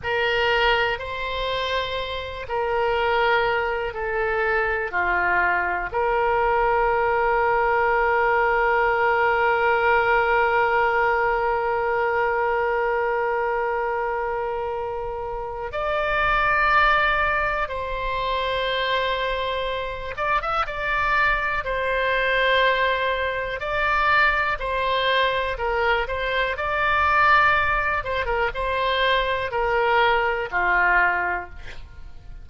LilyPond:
\new Staff \with { instrumentName = "oboe" } { \time 4/4 \tempo 4 = 61 ais'4 c''4. ais'4. | a'4 f'4 ais'2~ | ais'1~ | ais'1 |
d''2 c''2~ | c''8 d''16 e''16 d''4 c''2 | d''4 c''4 ais'8 c''8 d''4~ | d''8 c''16 ais'16 c''4 ais'4 f'4 | }